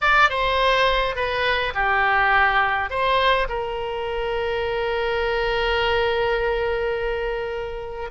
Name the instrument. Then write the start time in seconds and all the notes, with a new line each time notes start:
oboe
0.01 D5
0.29 C5
1.15 B4
1.74 G4
2.90 C5
3.48 A#4